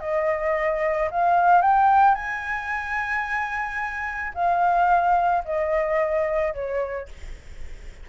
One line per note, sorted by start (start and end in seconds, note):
0.00 1.09 D#5
1.11 1.61 F5
1.61 2.15 G5
2.15 4.33 G#5
4.34 5.43 F5
5.45 6.54 D#5
6.54 7.08 C#5